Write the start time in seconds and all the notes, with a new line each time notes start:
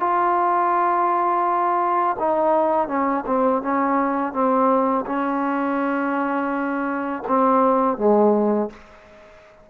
0.00 F4
2.19 D#4
2.88 C#4
3.27 C4
3.62 C#4
4.33 C4
5.06 C#4
7.28 C4
7.97 G#3